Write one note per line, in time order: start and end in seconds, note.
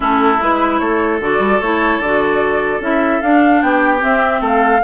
0.00 0.40 A3
0.00 0.37 C#4
0.00 0.80 E4
0.00 0.42 A4
0.41 0.80 G#3
0.41 1.21 E4
0.41 0.78 B4
0.78 1.20 A3
0.78 3.62 A4
0.78 1.19 C#5
1.20 1.39 D3
1.20 1.61 F#4
1.20 1.60 D5
1.39 1.59 G3
1.60 1.99 A3
1.60 2.03 E4
1.60 2.00 C#5
1.99 2.79 D3
1.99 2.81 F#4
1.99 2.81 D5
2.80 3.20 C#4
2.80 3.21 E4
2.80 3.21 E5
3.21 3.62 D4
3.21 3.99 D4
3.21 3.61 F5
3.62 4.02 B3
3.62 4.40 G4
3.62 4.02 G5
3.99 4.79 C4
3.99 4.40 C4
3.99 4.43 E5
4.40 4.81 A3
4.40 4.81 A4
4.47 4.83 F5